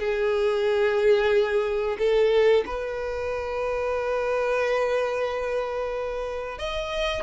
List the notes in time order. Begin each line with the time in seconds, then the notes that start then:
0.00 G#4
1.99 A4
2.66 B4
6.59 D#5